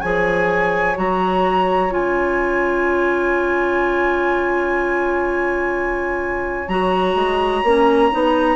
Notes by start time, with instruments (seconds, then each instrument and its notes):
0.00 bassoon F3, clarinet G#4, oboe C#5, flute G#5
0.95 bassoon F#3, clarinet F#4, flute A#5
1.89 bassoon C#4, clarinet F4, flute G#5
6.67 bassoon F#3, clarinet F#4, flute A#5
7.15 bassoon G#3
7.63 bassoon A#3, clarinet C#4
8.11 bassoon B3, clarinet D#4